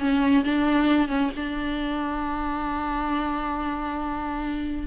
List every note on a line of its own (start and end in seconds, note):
0.00 0.44 C#4
0.45 1.08 D4
1.08 1.31 C#4
1.37 4.87 D4